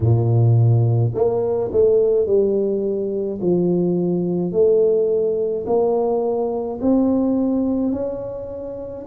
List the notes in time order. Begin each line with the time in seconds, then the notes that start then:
0.00 A#2
1.14 A#3
1.72 A3
2.26 G3
3.41 F3
4.52 A3
5.66 A#3
6.81 C4
7.92 C#4